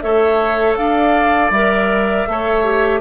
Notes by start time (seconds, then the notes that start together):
0.00 A3 A4 C#5 E5
0.76 D4 D5 F5
1.50 G3 A#4 E5
2.27 A3 A4 C#5
2.64 G4